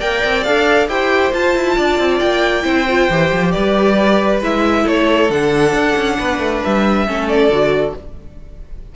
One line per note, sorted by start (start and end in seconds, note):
0.00 0.24 A#3
0.00 0.45 A#4
0.00 0.88 D5
0.00 0.44 G5
0.25 0.47 C4
0.44 0.89 D4
0.44 0.89 A4
0.44 0.88 F5
0.89 1.33 E4
0.89 1.33 G4
0.89 1.77 C5
0.89 1.34 G5
1.34 1.56 F4
1.34 2.63 F4
1.34 2.20 A5
1.56 1.78 E4
1.77 1.99 D4
1.77 2.64 D5
1.99 2.21 C4
2.20 2.65 A#3
2.20 3.52 G5
2.63 3.09 C4
2.63 2.85 E4
2.63 3.53 C5
2.90 3.11 F4
3.10 3.32 E3
3.10 4.43 G4
3.33 3.55 F3
3.52 4.41 G3
3.52 4.84 B4
3.52 4.40 D5
4.41 4.85 G#3
4.41 5.31 E4
4.41 4.89 E5
4.84 5.30 A3
4.84 6.17 A4
4.84 5.32 C#5
5.30 5.73 D3
5.30 7.08 D4
5.30 6.64 F#5
5.73 5.95 D4
5.97 6.19 C#4
6.19 6.39 B3
6.19 7.07 B4
6.39 6.61 A3
6.65 7.08 G3
6.65 7.29 E5
7.08 7.50 A3
7.08 7.52 C#4
7.08 7.96 A4
7.29 7.95 D5
7.50 7.94 D3
7.50 7.96 F#4